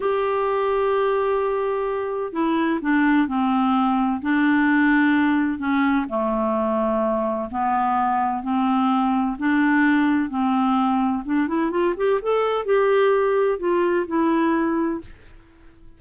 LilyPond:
\new Staff \with { instrumentName = "clarinet" } { \time 4/4 \tempo 4 = 128 g'1~ | g'4 e'4 d'4 c'4~ | c'4 d'2. | cis'4 a2. |
b2 c'2 | d'2 c'2 | d'8 e'8 f'8 g'8 a'4 g'4~ | g'4 f'4 e'2 | }